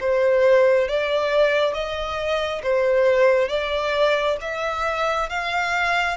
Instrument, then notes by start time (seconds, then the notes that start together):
violin
0.00 C5
0.88 D5
1.73 D#5
2.63 C5
3.49 D5
4.41 E5
5.29 F5